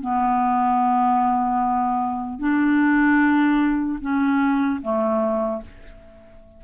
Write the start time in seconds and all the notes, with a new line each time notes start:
0.00 B3
2.39 D4
4.01 C#4
4.81 A3